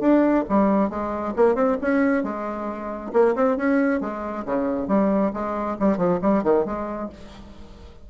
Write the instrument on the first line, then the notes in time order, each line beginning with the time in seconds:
bassoon
0.00 D4
0.49 G3
0.89 G#3
1.36 A#3
1.55 C4
1.81 C#4
2.23 G#3
3.13 A#3
3.35 C4
3.57 C#4
4.00 G#3
4.45 C#3
4.87 G3
5.33 G#3
5.79 G3
5.97 F3
6.22 G3
6.43 D#3
6.65 G#3